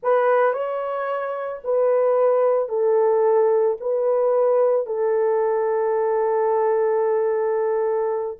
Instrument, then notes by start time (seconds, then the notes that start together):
horn
0.02 B4
0.53 C#5
1.64 B4
2.69 A4
3.80 B4
4.86 A4